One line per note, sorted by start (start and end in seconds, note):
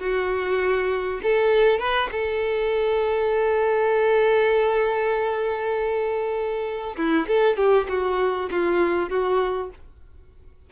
0.00 1.21 F#4
1.23 1.80 A4
1.80 2.10 B4
2.12 6.96 A4
6.97 7.27 E4
7.28 7.57 A4
7.57 7.87 G4
7.89 8.50 F#4
8.51 9.10 F4
9.10 9.70 F#4